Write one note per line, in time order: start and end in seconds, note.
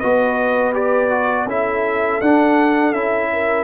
0.00 1.46 B3
0.00 0.74 F#4
0.00 1.46 B4
0.00 0.73 D#5
0.74 1.11 G4
0.74 1.49 D5
1.11 1.47 F#4
1.46 2.20 C#4
1.46 2.22 E4
1.46 3.32 A4
1.46 2.21 E5
2.21 2.92 D4
2.21 2.94 D4
2.21 2.93 F#5
2.92 3.64 C#4
2.92 3.64 E4
2.92 3.64 E5
3.33 3.64 A#4